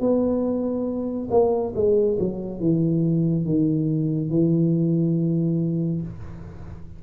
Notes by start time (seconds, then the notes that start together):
0.00 B3
1.31 A#3
1.75 G#3
2.19 F#3
2.60 E3
3.46 D#3
4.30 E3